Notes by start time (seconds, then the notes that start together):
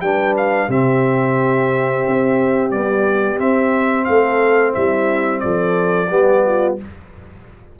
0.00 G3 D4 B4 G5
0.36 F5
0.68 C3 C4 G4 E5
2.06 C4
2.70 G3 B3 D5
3.36 C4 E5
4.04 A3 A4 F5
4.72 G3 E4 E5
5.39 F3 A4 D5
6.10 G3 B3 G4
6.45 F4